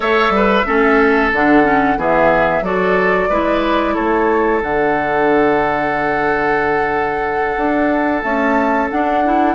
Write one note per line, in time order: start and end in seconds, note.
0.00 0.29 A3
0.00 0.65 A4
0.00 0.33 C#5
0.00 1.30 E5
0.29 0.62 G3
0.29 0.66 B4
0.65 1.32 A3
0.65 1.31 C#4
0.65 1.98 A4
1.32 1.96 D3
1.32 1.63 D4
1.32 1.99 F#5
1.63 1.96 C#4
1.96 2.61 E3
1.96 2.63 B3
1.96 2.64 G#4
1.96 2.64 E5
2.61 3.27 F#3
2.61 3.30 F#4
2.61 3.29 A4
2.61 3.94 D5
3.29 3.95 G#3
3.29 4.62 E4
3.29 3.94 B4
3.94 4.62 A3
3.94 9.54 A4
3.94 4.60 C#5
4.62 7.56 D3
4.62 8.22 D4
4.62 8.22 F#5
7.56 8.22 D4
8.22 8.88 A3
8.22 8.90 C#4
8.22 8.88 A5
8.90 9.24 D4
8.90 9.55 D4
8.90 9.55 F#5
9.24 9.55 E4